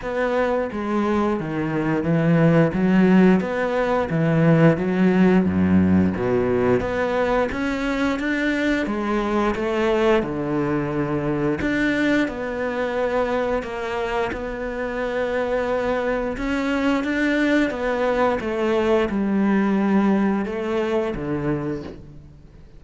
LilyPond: \new Staff \with { instrumentName = "cello" } { \time 4/4 \tempo 4 = 88 b4 gis4 dis4 e4 | fis4 b4 e4 fis4 | fis,4 b,4 b4 cis'4 | d'4 gis4 a4 d4~ |
d4 d'4 b2 | ais4 b2. | cis'4 d'4 b4 a4 | g2 a4 d4 | }